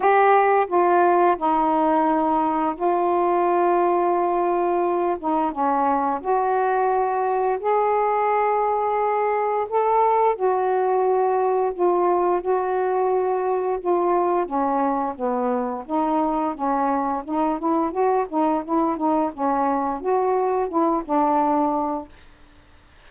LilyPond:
\new Staff \with { instrumentName = "saxophone" } { \time 4/4 \tempo 4 = 87 g'4 f'4 dis'2 | f'2.~ f'8 dis'8 | cis'4 fis'2 gis'4~ | gis'2 a'4 fis'4~ |
fis'4 f'4 fis'2 | f'4 cis'4 b4 dis'4 | cis'4 dis'8 e'8 fis'8 dis'8 e'8 dis'8 | cis'4 fis'4 e'8 d'4. | }